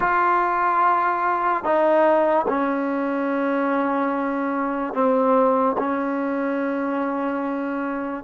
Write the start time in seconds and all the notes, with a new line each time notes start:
0.00 F4
1.64 D#4
2.47 C#4
4.93 C4
5.78 C#4